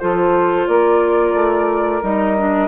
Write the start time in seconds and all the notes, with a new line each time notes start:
0.00 F3 F4 A4 C5
0.67 A#3 A#4 D5
1.34 A3
2.03 G3 D#4 D#5
2.38 D4